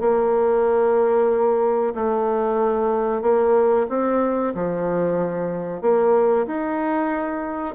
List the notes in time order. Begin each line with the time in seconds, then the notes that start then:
0.00 A#3
1.95 A3
3.22 A#3
3.89 C4
4.55 F3
5.82 A#3
6.46 D#4